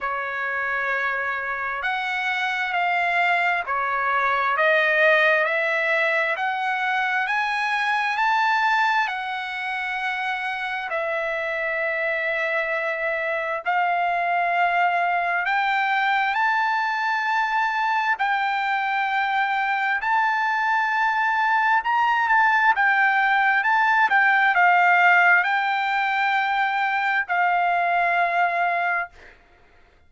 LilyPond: \new Staff \with { instrumentName = "trumpet" } { \time 4/4 \tempo 4 = 66 cis''2 fis''4 f''4 | cis''4 dis''4 e''4 fis''4 | gis''4 a''4 fis''2 | e''2. f''4~ |
f''4 g''4 a''2 | g''2 a''2 | ais''8 a''8 g''4 a''8 g''8 f''4 | g''2 f''2 | }